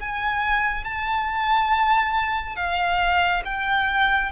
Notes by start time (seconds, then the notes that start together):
0.00 G#5
0.85 A5
2.56 F5
3.45 G5